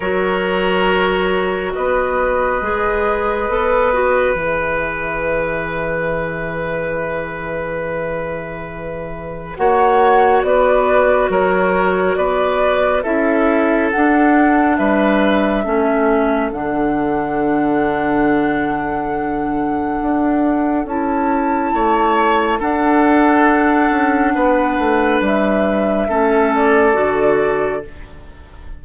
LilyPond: <<
  \new Staff \with { instrumentName = "flute" } { \time 4/4 \tempo 4 = 69 cis''2 dis''2~ | dis''4 e''2.~ | e''2. fis''4 | d''4 cis''4 d''4 e''4 |
fis''4 e''2 fis''4~ | fis''1 | a''2 fis''2~ | fis''4 e''4. d''4. | }
  \new Staff \with { instrumentName = "oboe" } { \time 4/4 ais'2 b'2~ | b'1~ | b'2. cis''4 | b'4 ais'4 b'4 a'4~ |
a'4 b'4 a'2~ | a'1~ | a'4 cis''4 a'2 | b'2 a'2 | }
  \new Staff \with { instrumentName = "clarinet" } { \time 4/4 fis'2. gis'4 | a'8 fis'8 gis'2.~ | gis'2. fis'4~ | fis'2. e'4 |
d'2 cis'4 d'4~ | d'1 | e'2 d'2~ | d'2 cis'4 fis'4 | }
  \new Staff \with { instrumentName = "bassoon" } { \time 4/4 fis2 b4 gis4 | b4 e2.~ | e2. ais4 | b4 fis4 b4 cis'4 |
d'4 g4 a4 d4~ | d2. d'4 | cis'4 a4 d'4. cis'8 | b8 a8 g4 a4 d4 | }
>>